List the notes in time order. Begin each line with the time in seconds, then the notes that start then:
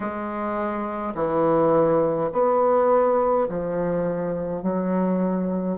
0.00 G#3
1.14 E3
2.32 B3
3.49 F3
4.62 F#3